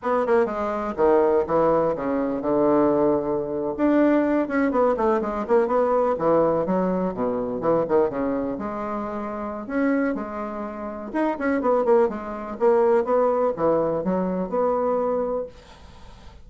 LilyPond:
\new Staff \with { instrumentName = "bassoon" } { \time 4/4 \tempo 4 = 124 b8 ais8 gis4 dis4 e4 | cis4 d2~ d8. d'16~ | d'4~ d'16 cis'8 b8 a8 gis8 ais8 b16~ | b8. e4 fis4 b,4 e16~ |
e16 dis8 cis4 gis2~ gis16 | cis'4 gis2 dis'8 cis'8 | b8 ais8 gis4 ais4 b4 | e4 fis4 b2 | }